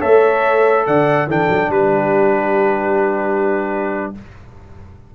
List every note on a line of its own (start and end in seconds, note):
0.00 0.87 A3
0.00 1.28 A4
0.00 0.85 C#5
0.00 0.86 E5
0.87 1.27 D3
0.87 1.28 D5
0.87 1.29 F#5
1.27 1.48 E3
1.27 4.15 D4
1.27 1.71 A4
1.27 1.71 G5
1.50 1.69 F#3
1.69 4.12 G3
1.69 4.14 G4
1.69 4.14 B4